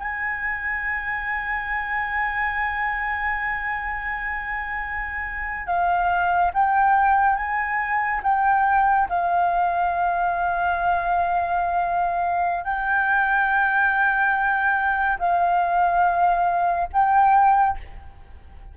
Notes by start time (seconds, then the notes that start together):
0.00 G#5
5.67 F5
6.54 G5
7.37 G#5
8.24 G5
9.10 F5
12.65 G5
15.20 F5
16.93 G5